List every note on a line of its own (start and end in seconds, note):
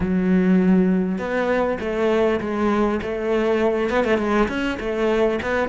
0.00 1.18 F#3
1.18 1.78 B3
1.79 2.39 A3
2.40 3.00 G#3
3.02 3.89 A3
3.89 4.04 B3
4.04 4.18 A3
4.18 4.48 G#3
4.48 4.78 C#4
4.79 5.39 A3
5.42 5.68 B3